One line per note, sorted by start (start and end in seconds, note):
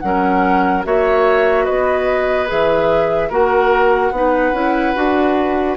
0.00 0.85 F#3
0.00 0.84 C#4
0.00 0.86 A#4
0.00 0.82 F#5
0.84 1.67 A#3
0.84 2.47 F#4
0.84 1.64 C#5
0.84 1.65 E5
1.64 2.51 B3
1.64 3.29 B4
1.64 2.47 D#5
2.47 3.30 E3
2.47 3.29 G#4
2.47 3.31 E5
3.29 4.10 A#3
3.29 4.13 F#4
3.29 4.11 A#4
3.29 5.76 F#5
4.10 4.52 B3
4.10 4.54 D#4
4.17 5.76 B4
4.53 4.94 C#4
4.53 4.95 E4
4.95 5.76 D4
4.95 5.76 F#4